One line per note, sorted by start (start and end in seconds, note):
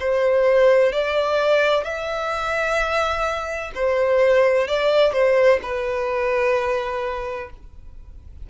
0.00 0.92 C5
0.92 1.84 D5
1.84 3.72 E5
3.75 4.67 C5
4.67 5.13 D5
5.13 5.60 C5
5.62 7.50 B4